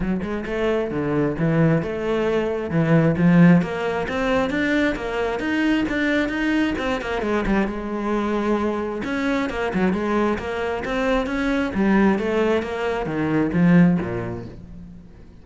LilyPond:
\new Staff \with { instrumentName = "cello" } { \time 4/4 \tempo 4 = 133 fis8 gis8 a4 d4 e4 | a2 e4 f4 | ais4 c'4 d'4 ais4 | dis'4 d'4 dis'4 c'8 ais8 |
gis8 g8 gis2. | cis'4 ais8 fis8 gis4 ais4 | c'4 cis'4 g4 a4 | ais4 dis4 f4 ais,4 | }